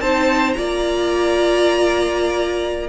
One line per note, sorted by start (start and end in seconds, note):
0.00 0.55 C4
0.00 0.56 D#4
0.00 0.57 C5
0.00 0.53 A5
0.53 2.88 A#3
0.53 2.88 F4
0.53 2.88 D5
0.53 2.87 A#5